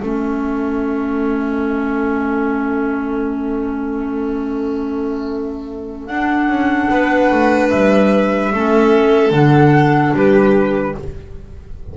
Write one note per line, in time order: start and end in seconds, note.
0.00 6.09 A3
0.00 6.10 C#4
0.00 6.90 A4
0.00 6.06 E5
6.06 6.48 D4
6.06 8.53 D4
6.06 7.69 F#5
6.48 6.89 C#4
6.90 7.31 B3
6.90 8.53 B4
7.31 7.71 A3
7.70 8.52 G3
7.70 9.32 E5
8.52 9.31 A3
8.52 9.32 C#4
8.52 10.15 A4
9.31 10.12 D3
9.31 10.95 D4
9.31 10.16 F#5
10.14 10.95 G3
10.14 10.96 G4
10.14 10.97 B4